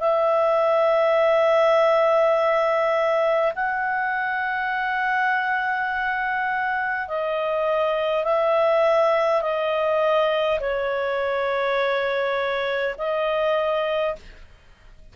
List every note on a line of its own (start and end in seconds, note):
0.00 3.53 E5
3.55 7.08 F#5
7.08 8.25 D#5
8.25 9.42 E5
9.42 10.59 D#5
10.60 12.96 C#5
12.98 14.16 D#5